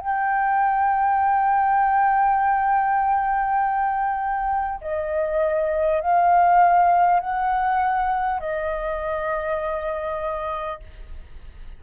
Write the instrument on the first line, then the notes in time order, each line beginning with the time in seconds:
flute
0.00 G5
4.81 D#5
6.01 F5
7.20 F#5
8.40 D#5